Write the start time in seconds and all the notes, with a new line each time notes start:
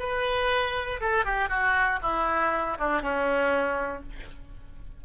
0.00 B4
1.01 A4
1.26 G4
1.50 F#4
2.03 E4
2.79 D4
3.02 C#4